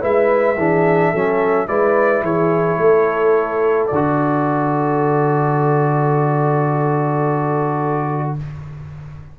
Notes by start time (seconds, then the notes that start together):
0.00 G#3 E4 B4 E5
0.56 E3 D4 G#4
1.11 F#3 C#4 A4
1.68 G#3 E4 B4 D5
2.22 E3 G#4 C#5
2.78 A3 A4
3.87 D3 D5
3.94 F#4